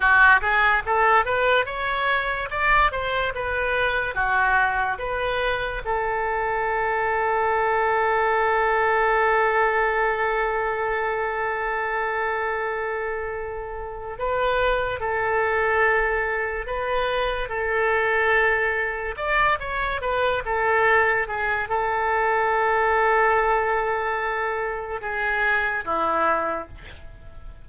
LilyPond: \new Staff \with { instrumentName = "oboe" } { \time 4/4 \tempo 4 = 72 fis'8 gis'8 a'8 b'8 cis''4 d''8 c''8 | b'4 fis'4 b'4 a'4~ | a'1~ | a'1~ |
a'4 b'4 a'2 | b'4 a'2 d''8 cis''8 | b'8 a'4 gis'8 a'2~ | a'2 gis'4 e'4 | }